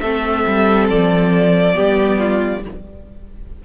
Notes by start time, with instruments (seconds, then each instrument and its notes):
0.00 cello A3, viola C4, violin A4 E5
0.47 cello G3
0.90 cello F3, violin D5
1.74 cello G3, viola B3, violin G4
2.19 violin F4